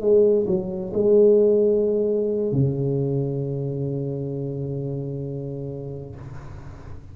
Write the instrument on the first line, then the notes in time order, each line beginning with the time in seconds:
tuba
0.00 G#3
0.46 F#3
0.93 G#3
2.52 C#3